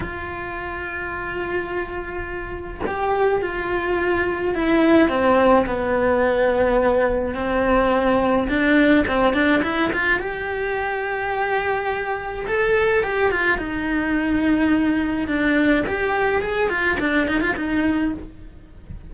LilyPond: \new Staff \with { instrumentName = "cello" } { \time 4/4 \tempo 4 = 106 f'1~ | f'4 g'4 f'2 | e'4 c'4 b2~ | b4 c'2 d'4 |
c'8 d'8 e'8 f'8 g'2~ | g'2 a'4 g'8 f'8 | dis'2. d'4 | g'4 gis'8 f'8 d'8 dis'16 f'16 dis'4 | }